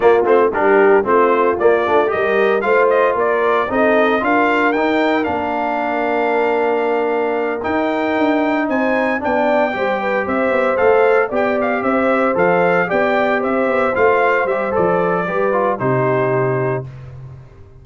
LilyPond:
<<
  \new Staff \with { instrumentName = "trumpet" } { \time 4/4 \tempo 4 = 114 d''8 c''8 ais'4 c''4 d''4 | dis''4 f''8 dis''8 d''4 dis''4 | f''4 g''4 f''2~ | f''2~ f''8 g''4.~ |
g''8 gis''4 g''2 e''8~ | e''8 f''4 g''8 f''8 e''4 f''8~ | f''8 g''4 e''4 f''4 e''8 | d''2 c''2 | }
  \new Staff \with { instrumentName = "horn" } { \time 4/4 f'4 g'4 f'2 | ais'4 c''4 ais'4 a'4 | ais'1~ | ais'1~ |
ais'8 c''4 d''4 c''8 b'8 c''8~ | c''4. d''4 c''4.~ | c''8 d''4 c''2~ c''8~ | c''4 b'4 g'2 | }
  \new Staff \with { instrumentName = "trombone" } { \time 4/4 ais8 c'8 d'4 c'4 ais8 d'8 | g'4 f'2 dis'4 | f'4 dis'4 d'2~ | d'2~ d'8 dis'4.~ |
dis'4. d'4 g'4.~ | g'8 a'4 g'2 a'8~ | a'8 g'2 f'4 g'8 | a'4 g'8 f'8 dis'2 | }
  \new Staff \with { instrumentName = "tuba" } { \time 4/4 ais8 a8 g4 a4 ais8 a8 | g4 a4 ais4 c'4 | d'4 dis'4 ais2~ | ais2~ ais8 dis'4 d'8~ |
d'8 c'4 b4 g4 c'8 | b8 a4 b4 c'4 f8~ | f8 b4 c'8 b8 a4 g8 | f4 g4 c2 | }
>>